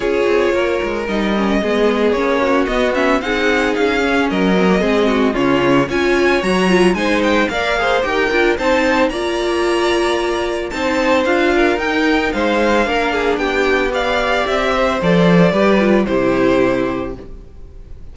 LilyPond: <<
  \new Staff \with { instrumentName = "violin" } { \time 4/4 \tempo 4 = 112 cis''2 dis''2 | cis''4 dis''8 e''8 fis''4 f''4 | dis''2 cis''4 gis''4 | ais''4 gis''8 g''8 f''4 g''4 |
a''4 ais''2. | a''4 f''4 g''4 f''4~ | f''4 g''4 f''4 e''4 | d''2 c''2 | }
  \new Staff \with { instrumentName = "violin" } { \time 4/4 gis'4 ais'2 gis'4~ | gis'8 fis'4. gis'2 | ais'4 gis'8 fis'8 f'4 cis''4~ | cis''4 c''4 d''8 c''8 ais'4 |
c''4 d''2. | c''4. ais'4. c''4 | ais'8 gis'8 g'4 d''4. c''8~ | c''4 b'4 g'2 | }
  \new Staff \with { instrumentName = "viola" } { \time 4/4 f'2 dis'8 cis'8 b4 | cis'4 b8 cis'8 dis'4. cis'8~ | cis'8 c'16 ais16 c'4 cis'4 f'4 | fis'8 f'8 dis'4 ais'8 gis'8 g'8 f'8 |
dis'4 f'2. | dis'4 f'4 dis'2 | d'2 g'2 | a'4 g'8 f'8 e'2 | }
  \new Staff \with { instrumentName = "cello" } { \time 4/4 cis'8 c'8 ais8 gis8 g4 gis4 | ais4 b4 c'4 cis'4 | fis4 gis4 cis4 cis'4 | fis4 gis4 ais4 dis'8 d'8 |
c'4 ais2. | c'4 d'4 dis'4 gis4 | ais4 b2 c'4 | f4 g4 c2 | }
>>